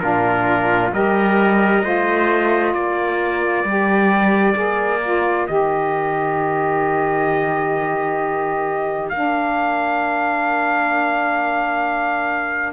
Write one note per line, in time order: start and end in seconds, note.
0.00 0.93 A#2
0.00 0.92 D4
0.00 0.94 F4
0.00 0.91 A#4
0.93 1.84 G3
0.93 1.84 G4
0.93 1.84 A#4
0.93 2.74 D#5
1.84 2.74 A3
1.84 3.65 F4
1.84 2.74 C5
2.74 3.64 A#3
2.74 12.74 A#4
2.74 5.47 D5
3.64 4.55 G3
3.64 4.54 G4
4.54 5.48 A#3
4.54 4.99 G#4
5.04 5.48 F4
5.47 9.12 D#3
5.47 9.12 G4
5.47 9.10 D#5
9.10 12.74 A#3
9.10 12.74 D4
9.10 12.74 F5